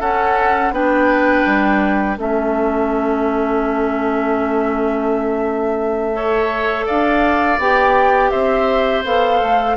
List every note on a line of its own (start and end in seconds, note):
0.00 0.71 C#4
0.00 0.73 C#4
0.00 0.72 A4
0.00 0.73 F#5
0.71 1.43 B3
0.71 2.17 D4
0.71 2.18 B4
0.71 2.18 G5
1.45 2.18 G3
2.18 6.87 A3
2.18 6.13 C#4
2.18 6.15 A4
2.18 6.87 E5
6.13 7.58 A4
6.13 6.85 C#5
6.85 7.58 D4
6.85 8.30 D5
6.85 7.59 F5
7.58 8.31 B3
7.58 9.05 G4
7.58 8.30 G5
8.30 9.04 C4
8.30 9.76 C5
8.30 9.03 E5
9.04 9.41 B3
9.04 9.77 A4
9.04 9.77 F5
9.41 9.77 A3